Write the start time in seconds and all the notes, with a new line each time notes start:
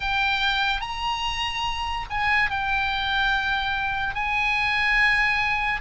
0.00 G5
0.81 A#5
2.09 G#5
2.50 G5
4.14 G#5